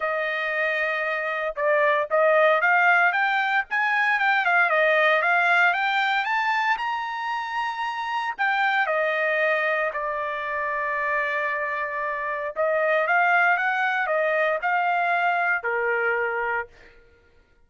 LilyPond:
\new Staff \with { instrumentName = "trumpet" } { \time 4/4 \tempo 4 = 115 dis''2. d''4 | dis''4 f''4 g''4 gis''4 | g''8 f''8 dis''4 f''4 g''4 | a''4 ais''2. |
g''4 dis''2 d''4~ | d''1 | dis''4 f''4 fis''4 dis''4 | f''2 ais'2 | }